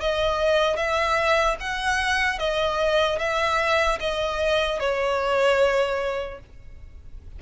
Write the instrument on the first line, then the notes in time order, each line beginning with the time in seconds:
violin
0.00 D#5
0.76 E5
1.60 F#5
2.38 D#5
3.19 E5
4.00 D#5
4.79 C#5